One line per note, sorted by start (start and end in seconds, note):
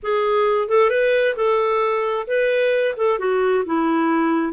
0.02 0.68 G#4
0.68 0.90 A4
0.90 1.35 B4
1.35 2.26 A4
2.27 2.95 B4
2.97 3.18 A4
3.18 3.64 F#4
3.65 4.53 E4